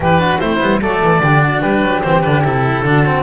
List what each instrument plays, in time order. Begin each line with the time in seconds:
0.00 double bass E3, cello E4, flute G4, oboe B4
0.18 cello D4, flute F#4
0.39 double bass A3, cello C4, flute E4, oboe C5
0.60 double bass G3, cello B3
0.81 double bass F#3, cello A3, flute A4, oboe D5
1.03 double bass E3
1.20 double bass D3, cello D4, flute G4
1.42 flute F#4
1.61 double bass G3, flute G4, oboe B4
1.81 double bass F#3
2.01 double bass E3, cello C4, oboe C5
2.21 double bass D3, cello D4, oboe B4
2.43 double bass C3, cello E4, oboe A4
2.82 double bass D3, cello D4, flute F#4
3.05 cello C4